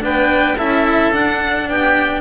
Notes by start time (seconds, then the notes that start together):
0.00 B3 D4 B4 G5
0.57 C#4 E4 A4 E5
1.12 D4 F#5
1.69 B3 G4 G5